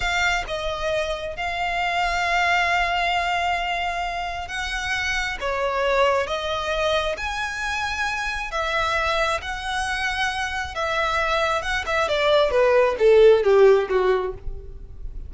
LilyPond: \new Staff \with { instrumentName = "violin" } { \time 4/4 \tempo 4 = 134 f''4 dis''2 f''4~ | f''1~ | f''2 fis''2 | cis''2 dis''2 |
gis''2. e''4~ | e''4 fis''2. | e''2 fis''8 e''8 d''4 | b'4 a'4 g'4 fis'4 | }